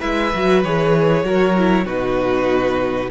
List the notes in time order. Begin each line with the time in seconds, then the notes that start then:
0.00 G#3 E4 B4 E5
0.34 F#3 F#4
0.64 E3 G#4 C#5
1.24 F#3 F#4 A#4
1.58 E4
1.85 B2 D#4 F#4 B4